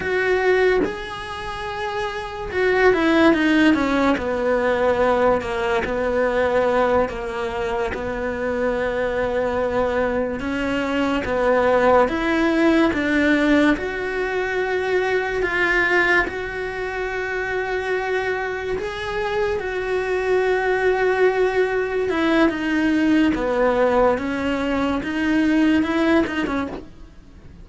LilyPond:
\new Staff \with { instrumentName = "cello" } { \time 4/4 \tempo 4 = 72 fis'4 gis'2 fis'8 e'8 | dis'8 cis'8 b4. ais8 b4~ | b8 ais4 b2~ b8~ | b8 cis'4 b4 e'4 d'8~ |
d'8 fis'2 f'4 fis'8~ | fis'2~ fis'8 gis'4 fis'8~ | fis'2~ fis'8 e'8 dis'4 | b4 cis'4 dis'4 e'8 dis'16 cis'16 | }